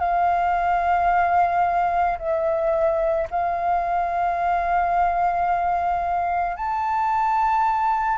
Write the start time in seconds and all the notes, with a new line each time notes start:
0.00 F5
2.19 E5
3.31 F5
6.57 A5